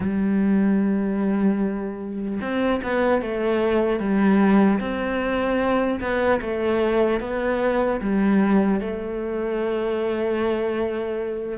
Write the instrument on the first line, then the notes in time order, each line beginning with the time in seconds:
cello
0.00 G3
2.41 C4
2.83 B3
3.21 A3
3.99 G3
4.80 C4
6.00 B3
6.41 A3
7.20 B3
8.00 G3
8.80 A3